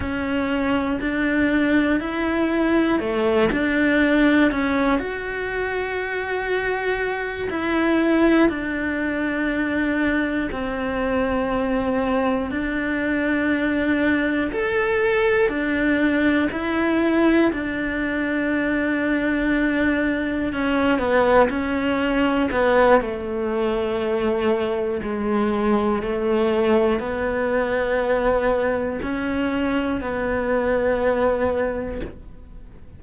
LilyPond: \new Staff \with { instrumentName = "cello" } { \time 4/4 \tempo 4 = 60 cis'4 d'4 e'4 a8 d'8~ | d'8 cis'8 fis'2~ fis'8 e'8~ | e'8 d'2 c'4.~ | c'8 d'2 a'4 d'8~ |
d'8 e'4 d'2~ d'8~ | d'8 cis'8 b8 cis'4 b8 a4~ | a4 gis4 a4 b4~ | b4 cis'4 b2 | }